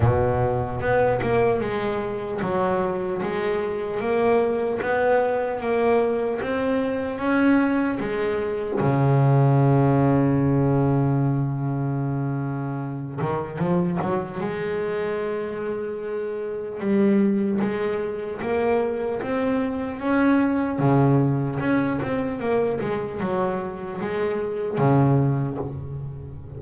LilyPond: \new Staff \with { instrumentName = "double bass" } { \time 4/4 \tempo 4 = 75 b,4 b8 ais8 gis4 fis4 | gis4 ais4 b4 ais4 | c'4 cis'4 gis4 cis4~ | cis1~ |
cis8 dis8 f8 fis8 gis2~ | gis4 g4 gis4 ais4 | c'4 cis'4 cis4 cis'8 c'8 | ais8 gis8 fis4 gis4 cis4 | }